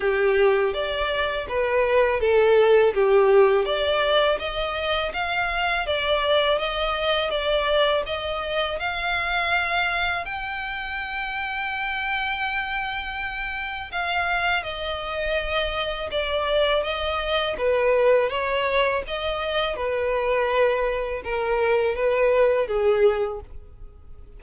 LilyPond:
\new Staff \with { instrumentName = "violin" } { \time 4/4 \tempo 4 = 82 g'4 d''4 b'4 a'4 | g'4 d''4 dis''4 f''4 | d''4 dis''4 d''4 dis''4 | f''2 g''2~ |
g''2. f''4 | dis''2 d''4 dis''4 | b'4 cis''4 dis''4 b'4~ | b'4 ais'4 b'4 gis'4 | }